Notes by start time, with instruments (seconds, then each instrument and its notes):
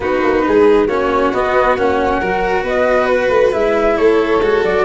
0.00 tuba B3, cello D#4, violin F#4, flute B4
0.23 tuba A#3
0.47 tuba G#3, violin G#4
0.87 tuba A#3, cello C#4, violin F#4, flute C#5
1.32 cello B3, tuba B3, flute D#5
1.76 tuba A#3, cello C#4, flute F#5
2.19 tuba F#3, cello F#4, violin A#4
2.62 tuba B3, violin B4, flute D#5
3.06 flute B4
3.29 tuba A3
3.51 tuba G#3, cello E4, flute E5
3.96 tuba A3, violin A4, flute C#5
4.40 tuba G#3, cello F#4
4.63 tuba F#3, flute D5